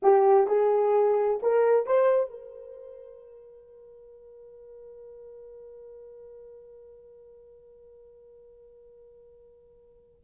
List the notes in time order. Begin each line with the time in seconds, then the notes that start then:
0.02 G4
0.47 G#4
1.42 A#4
1.86 C5
2.30 A#4